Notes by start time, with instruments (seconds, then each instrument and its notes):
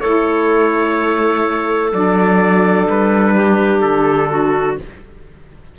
0.00 cello A3, saxophone E4, clarinet A4, trumpet C#5
1.92 cello F#3, saxophone D4, trumpet D5
2.87 cello G3, trumpet B4
3.36 clarinet G4
3.81 cello D3, trumpet A4
4.30 clarinet F#4